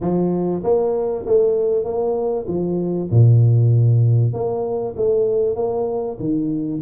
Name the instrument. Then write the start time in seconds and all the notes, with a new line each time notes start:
tuba
0.01 F3
0.63 A#3
1.25 A3
1.84 A#3
2.47 F3
3.10 A#2
4.33 A#3
4.96 A3
5.55 A#3
6.19 D#3